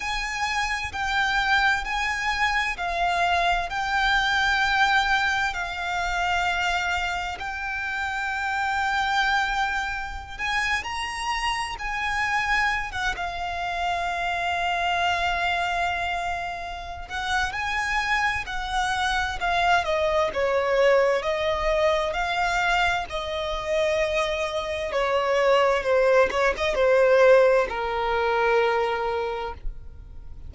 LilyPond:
\new Staff \with { instrumentName = "violin" } { \time 4/4 \tempo 4 = 65 gis''4 g''4 gis''4 f''4 | g''2 f''2 | g''2.~ g''16 gis''8 ais''16~ | ais''8. gis''4~ gis''16 fis''16 f''4.~ f''16~ |
f''2~ f''8 fis''8 gis''4 | fis''4 f''8 dis''8 cis''4 dis''4 | f''4 dis''2 cis''4 | c''8 cis''16 dis''16 c''4 ais'2 | }